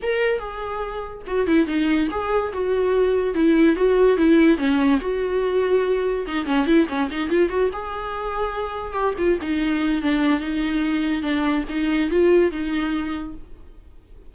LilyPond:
\new Staff \with { instrumentName = "viola" } { \time 4/4 \tempo 4 = 144 ais'4 gis'2 fis'8 e'8 | dis'4 gis'4 fis'2 | e'4 fis'4 e'4 cis'4 | fis'2. dis'8 cis'8 |
e'8 cis'8 dis'8 f'8 fis'8 gis'4.~ | gis'4. g'8 f'8 dis'4. | d'4 dis'2 d'4 | dis'4 f'4 dis'2 | }